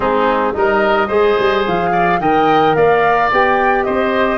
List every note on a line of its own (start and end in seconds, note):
0.00 0.54 G#3
0.00 0.53 C4
0.00 0.52 D#4
0.00 0.53 G#4
0.53 1.09 G3
0.53 1.08 D#4
0.53 1.07 A#4
0.53 1.64 D#5
1.07 1.36 G#3
1.07 2.20 G#4
1.07 1.90 C5
1.39 1.66 G3
1.66 2.20 F3
1.66 2.20 F5
1.92 2.19 D5
2.20 2.75 D#3
2.20 3.31 A#4
2.20 2.76 D#5
2.20 2.75 G5
2.75 3.30 A#3
2.75 3.85 D5
2.75 3.30 F5
3.31 3.87 B3
3.31 4.38 G4
3.31 3.83 G5
3.83 4.38 C4
3.83 4.38 C5
3.83 4.38 D#5